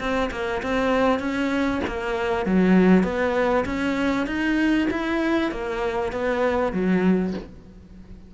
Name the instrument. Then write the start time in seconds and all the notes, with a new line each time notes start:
cello
0.00 C4
0.31 A#3
0.63 C4
1.20 C#4
1.88 A#3
2.46 F#3
3.04 B3
3.66 C#4
4.27 D#4
4.91 E4
5.52 A#3
6.13 B3
6.73 F#3